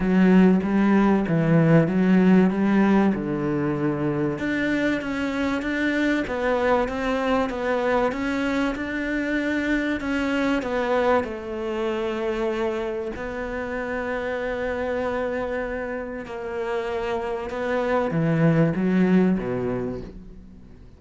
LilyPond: \new Staff \with { instrumentName = "cello" } { \time 4/4 \tempo 4 = 96 fis4 g4 e4 fis4 | g4 d2 d'4 | cis'4 d'4 b4 c'4 | b4 cis'4 d'2 |
cis'4 b4 a2~ | a4 b2.~ | b2 ais2 | b4 e4 fis4 b,4 | }